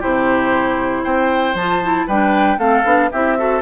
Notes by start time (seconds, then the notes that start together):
0.00 C3 E4 G4 C5
1.04 C4 C5 G5
1.54 F3 F4 A5
1.83 E4
2.07 G3 D4 B4 G5
2.58 A3 C4 A4 F5
2.85 B3 D4
3.12 C4 E4 G4 E5
3.38 F#4 A4